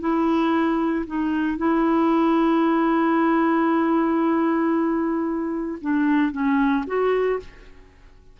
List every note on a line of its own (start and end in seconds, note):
0.00 1.05 E4
1.06 1.58 D#4
1.58 5.79 E4
5.81 6.32 D4
6.32 6.84 C#4
6.87 7.39 F#4